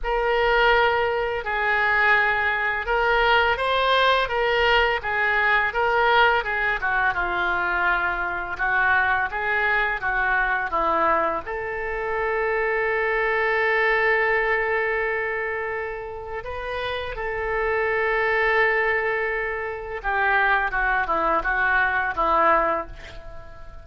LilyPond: \new Staff \with { instrumentName = "oboe" } { \time 4/4 \tempo 4 = 84 ais'2 gis'2 | ais'4 c''4 ais'4 gis'4 | ais'4 gis'8 fis'8 f'2 | fis'4 gis'4 fis'4 e'4 |
a'1~ | a'2. b'4 | a'1 | g'4 fis'8 e'8 fis'4 e'4 | }